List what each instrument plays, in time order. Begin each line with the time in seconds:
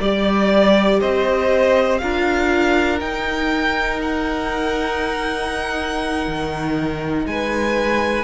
0.00 cello G3, viola G4, violin D5
1.01 cello C4, violin C5 D#5
1.98 cello D4, viola F4, violin A#4 F5
2.99 viola D#4, cello D#4, violin G5
4.02 violin F#5
6.27 cello D#3
7.26 cello G#3, violin B4 G#5